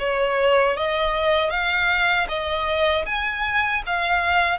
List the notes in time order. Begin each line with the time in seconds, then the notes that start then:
0.00 C#5
0.77 D#5
1.51 F5
2.29 D#5
3.06 G#5
3.87 F5